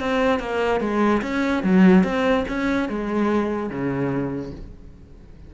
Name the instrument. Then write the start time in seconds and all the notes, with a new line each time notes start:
cello
0.00 C4
0.40 A#3
0.81 G#3
1.22 C#4
1.63 F#3
2.04 C4
2.48 C#4
2.89 G#3
3.70 C#3